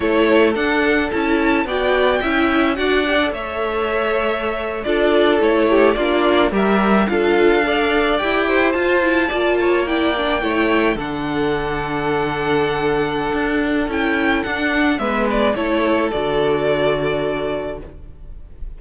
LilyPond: <<
  \new Staff \with { instrumentName = "violin" } { \time 4/4 \tempo 4 = 108 cis''4 fis''4 a''4 g''4~ | g''4 fis''4 e''2~ | e''8. d''4 cis''4 d''4 e''16~ | e''8. f''2 g''4 a''16~ |
a''4.~ a''16 g''2 fis''16~ | fis''1~ | fis''4 g''4 fis''4 e''8 d''8 | cis''4 d''2. | }
  \new Staff \with { instrumentName = "violin" } { \time 4/4 a'2. d''4 | e''4 d''4 cis''2~ | cis''8. a'4. g'8 f'4 ais'16~ | ais'8. a'4 d''4. c''8.~ |
c''8. d''8 cis''8 d''4 cis''4 a'16~ | a'1~ | a'2. b'4 | a'1 | }
  \new Staff \with { instrumentName = "viola" } { \time 4/4 e'4 d'4 e'4 fis'4 | e'4 fis'8 g'16 a'2~ a'16~ | a'8. f'4 e'4 d'4 g'16~ | g'8. f'4 a'4 g'4 f'16~ |
f'16 e'8 f'4 e'8 d'8 e'4 d'16~ | d'1~ | d'4 e'4 d'4 b4 | e'4 fis'2. | }
  \new Staff \with { instrumentName = "cello" } { \time 4/4 a4 d'4 cis'4 b4 | cis'4 d'4 a2~ | a8. d'4 a4 ais4 g16~ | g8. d'2 e'4 f'16~ |
f'8. ais2 a4 d16~ | d1 | d'4 cis'4 d'4 gis4 | a4 d2. | }
>>